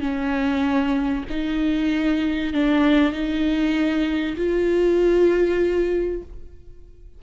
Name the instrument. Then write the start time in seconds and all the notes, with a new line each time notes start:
viola
0.00 C#4
1.30 D#4
2.53 D4
3.12 D#4
4.37 F4